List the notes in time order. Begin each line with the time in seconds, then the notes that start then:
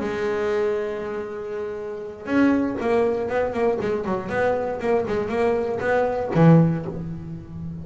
0.00 G#3
2.26 C#4
2.81 A#3
3.29 B3
3.53 A#3
3.81 G#3
4.05 F#3
4.29 B3
4.80 A#3
5.08 G#3
5.29 A#3
5.80 B3
6.35 E3